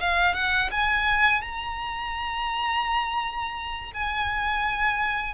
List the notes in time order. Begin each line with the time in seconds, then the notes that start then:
0.00 F5
0.34 F#5
0.71 G#5
1.42 A#5
3.94 G#5